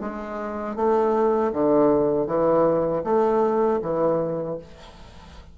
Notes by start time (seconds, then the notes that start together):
0.00 G#3
0.75 A3
1.52 D3
2.26 E3
3.03 A3
3.81 E3